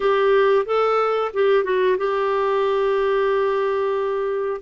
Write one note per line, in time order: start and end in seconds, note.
0.00 0.65 G4
0.65 1.31 A4
1.33 1.63 G4
1.63 1.96 F#4
1.97 4.61 G4